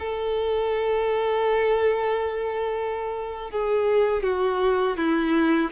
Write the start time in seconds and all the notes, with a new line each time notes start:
0.00 A4
3.52 G#4
4.23 F#4
4.97 E4